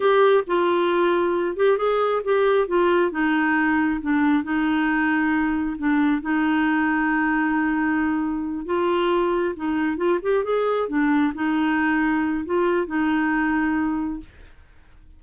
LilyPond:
\new Staff \with { instrumentName = "clarinet" } { \time 4/4 \tempo 4 = 135 g'4 f'2~ f'8 g'8 | gis'4 g'4 f'4 dis'4~ | dis'4 d'4 dis'2~ | dis'4 d'4 dis'2~ |
dis'2.~ dis'8 f'8~ | f'4. dis'4 f'8 g'8 gis'8~ | gis'8 d'4 dis'2~ dis'8 | f'4 dis'2. | }